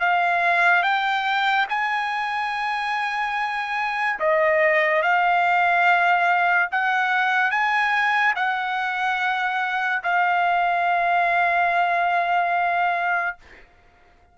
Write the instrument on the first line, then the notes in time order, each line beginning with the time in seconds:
trumpet
0.00 F5
0.83 G5
1.70 G#5
4.20 D#5
5.03 F5
6.72 F#5
7.51 G#5
8.36 F#5
10.04 F5